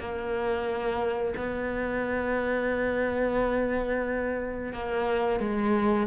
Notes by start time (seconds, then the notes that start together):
0.00 A#3
1.37 B3
4.73 A#3
5.40 G#3